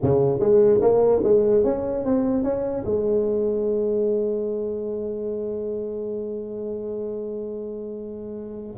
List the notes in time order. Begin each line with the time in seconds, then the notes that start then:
0.02 C#3
0.39 G#3
0.81 A#3
1.23 G#3
1.64 C#4
2.04 C4
2.43 C#4
2.85 G#3